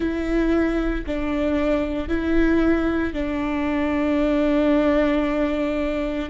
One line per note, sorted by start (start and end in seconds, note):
0.00 1.05 E4
1.06 2.08 D4
2.08 3.13 E4
3.13 6.29 D4